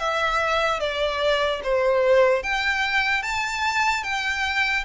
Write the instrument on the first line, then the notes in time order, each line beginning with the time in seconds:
violin
0.00 E5
0.80 D5
1.64 C5
2.43 G5
3.23 A5
4.04 G5